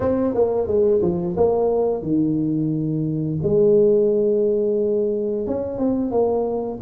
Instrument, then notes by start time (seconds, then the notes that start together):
tuba
0.00 C4
0.34 A#3
0.67 G#3
1.02 F3
1.36 A#3
2.02 D#3
3.42 G#3
5.46 C#4
5.78 C4
6.11 A#3